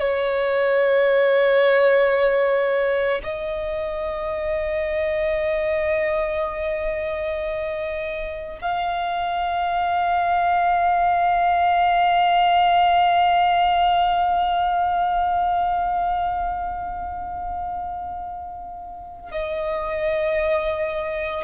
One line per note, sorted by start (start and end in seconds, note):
0.00 3.21 C#5
3.23 8.59 D#5
8.62 19.31 F5
19.31 21.44 D#5